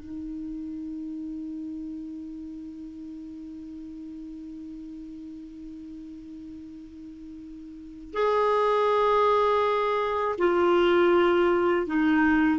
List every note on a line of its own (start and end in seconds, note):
0.00 8.14 D#4
8.14 10.36 G#4
10.39 11.87 F4
11.87 12.60 D#4